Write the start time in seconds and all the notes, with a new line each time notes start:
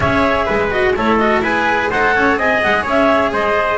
0.00 C#4 G#4 C#5 E5
0.45 G#3 B4
0.70 F#4 D#5
0.96 A3 E4 A4 C#5
1.18 F#4 D#5
1.40 E4 G#4 B4 G#5
1.90 D#4 A4 C5 F#5
2.14 C#4 C#5
2.37 C4 G#4 D#5 G#5
2.62 G#3 F#5
2.82 C#4 C#5
2.89 E5
3.32 G#3 C5 D#5